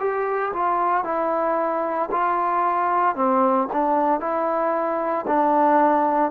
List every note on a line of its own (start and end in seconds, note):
0.00 0.53 G4
0.54 1.04 F4
1.04 2.10 E4
2.11 3.16 F4
3.16 3.68 C4
3.73 4.20 D4
4.20 5.25 E4
5.27 6.32 D4